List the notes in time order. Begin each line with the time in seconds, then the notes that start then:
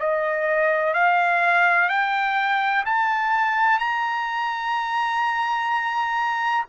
0.00 D#5
0.94 F5
1.89 G5
2.86 A5
3.80 A#5